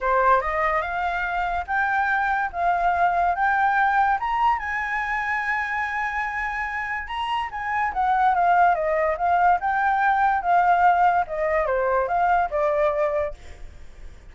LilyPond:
\new Staff \with { instrumentName = "flute" } { \time 4/4 \tempo 4 = 144 c''4 dis''4 f''2 | g''2 f''2 | g''2 ais''4 gis''4~ | gis''1~ |
gis''4 ais''4 gis''4 fis''4 | f''4 dis''4 f''4 g''4~ | g''4 f''2 dis''4 | c''4 f''4 d''2 | }